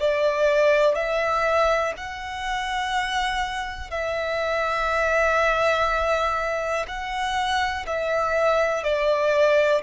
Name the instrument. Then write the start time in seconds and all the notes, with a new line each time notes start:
violin
0.00 D5
0.95 E5
1.97 F#5
3.91 E5
6.88 F#5
7.87 E5
8.83 D5